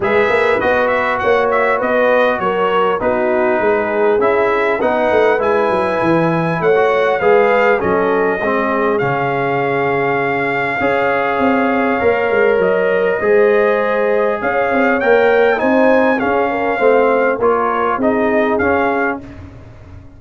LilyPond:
<<
  \new Staff \with { instrumentName = "trumpet" } { \time 4/4 \tempo 4 = 100 e''4 dis''8 e''8 fis''8 e''8 dis''4 | cis''4 b'2 e''4 | fis''4 gis''2 fis''4 | f''4 dis''2 f''4~ |
f''1~ | f''4 dis''2. | f''4 g''4 gis''4 f''4~ | f''4 cis''4 dis''4 f''4 | }
  \new Staff \with { instrumentName = "horn" } { \time 4/4 b'2 cis''4 b'4 | ais'4 fis'4 gis'2 | b'2. cis''4 | b'4 a'4 gis'2~ |
gis'2 cis''2~ | cis''2 c''2 | cis''2 c''4 gis'8 ais'8 | c''4 ais'4 gis'2 | }
  \new Staff \with { instrumentName = "trombone" } { \time 4/4 gis'4 fis'2.~ | fis'4 dis'2 e'4 | dis'4 e'2~ e'16 fis'8. | gis'4 cis'4 c'4 cis'4~ |
cis'2 gis'2 | ais'2 gis'2~ | gis'4 ais'4 dis'4 cis'4 | c'4 f'4 dis'4 cis'4 | }
  \new Staff \with { instrumentName = "tuba" } { \time 4/4 gis8 ais8 b4 ais4 b4 | fis4 b4 gis4 cis'4 | b8 a8 gis8 fis8 e4 a4 | gis4 fis4 gis4 cis4~ |
cis2 cis'4 c'4 | ais8 gis8 fis4 gis2 | cis'8 c'8 ais4 c'4 cis'4 | a4 ais4 c'4 cis'4 | }
>>